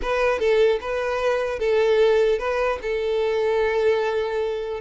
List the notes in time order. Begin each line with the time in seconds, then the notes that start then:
0.02 B4
0.39 A4
0.80 B4
1.59 A4
2.39 B4
2.81 A4